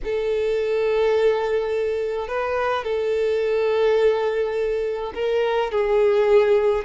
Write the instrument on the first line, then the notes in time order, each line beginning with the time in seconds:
violin
0.04 A4
2.28 B4
2.84 A4
5.14 A#4
5.71 G#4